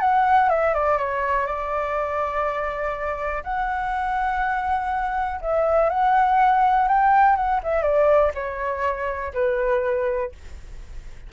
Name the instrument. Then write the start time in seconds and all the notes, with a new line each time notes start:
flute
0.00 F#5
0.50 E5
0.74 D5
0.98 C#5
1.47 D5
3.44 F#5
5.41 E5
5.90 F#5
6.88 G5
7.36 F#5
7.63 E5
7.83 D5
8.35 C#5
9.34 B4